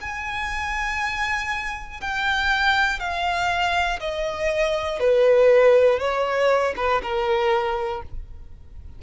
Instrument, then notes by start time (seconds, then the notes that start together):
violin
0.00 G#5
2.00 G5
2.99 F5
4.00 D#5
5.00 B4
5.99 C#5
6.76 B4
7.02 A#4